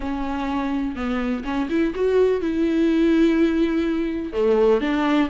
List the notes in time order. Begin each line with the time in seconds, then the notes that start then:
0.00 C#4
0.95 B3
1.44 C#4
1.69 E4
1.95 F#4
2.41 E4
4.32 A3
4.80 D4